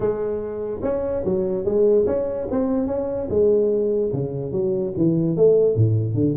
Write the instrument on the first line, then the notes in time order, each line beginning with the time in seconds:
tuba
0.00 G#3
0.82 C#4
1.24 F#3
1.64 G#3
2.06 C#4
2.51 C4
2.86 C#4
3.29 G#3
4.12 C#3
4.52 F#3
4.96 E3
5.36 A3
5.75 A2
6.14 D3